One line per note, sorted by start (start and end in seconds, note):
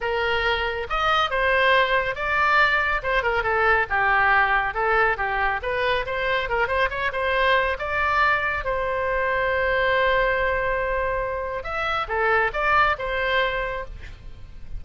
0.00 0.87 A#4
0.89 1.30 D#5
1.30 2.15 C5
2.15 3.01 D5
3.02 3.23 C5
3.23 3.43 A#4
3.43 3.86 A4
3.89 4.74 G4
4.74 5.17 A4
5.17 5.60 G4
5.62 6.05 B4
6.05 6.49 C5
6.49 6.67 A#4
6.67 6.89 C5
6.90 7.11 C#5
7.12 7.77 C5
7.78 8.64 D5
8.64 11.63 C5
11.63 12.06 E5
12.07 12.51 A4
12.53 12.96 D5
12.98 13.84 C5